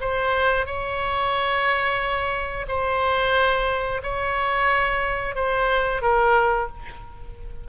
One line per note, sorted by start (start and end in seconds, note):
0.00 0.66 C5
0.66 2.66 C#5
2.68 4.01 C5
4.03 5.35 C#5
5.35 6.01 C5
6.01 6.68 A#4